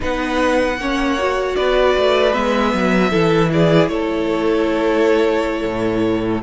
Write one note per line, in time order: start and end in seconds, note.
0.00 0.77 B3
0.00 0.78 D#4
0.00 0.78 B4
0.00 1.55 F#5
0.77 1.55 A#3
0.77 1.18 C#4
0.77 1.56 C#5
1.18 2.32 F#4
1.55 1.96 B3
1.55 3.09 B4
1.55 2.33 D5
1.98 2.36 A3
2.32 2.73 G#3
2.32 3.10 B3
2.32 3.50 E5
2.73 3.12 F#3
3.09 3.88 E3
3.09 6.42 E4
3.09 3.48 A4
3.52 3.91 G#4
3.52 3.88 D5
3.88 5.63 A3
3.88 6.42 A4
3.88 6.41 C#5
5.65 6.42 A2